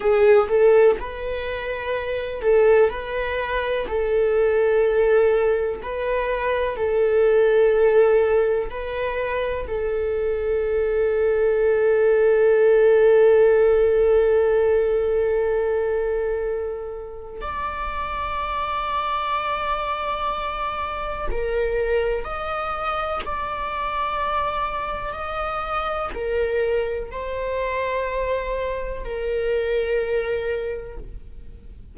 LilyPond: \new Staff \with { instrumentName = "viola" } { \time 4/4 \tempo 4 = 62 gis'8 a'8 b'4. a'8 b'4 | a'2 b'4 a'4~ | a'4 b'4 a'2~ | a'1~ |
a'2 d''2~ | d''2 ais'4 dis''4 | d''2 dis''4 ais'4 | c''2 ais'2 | }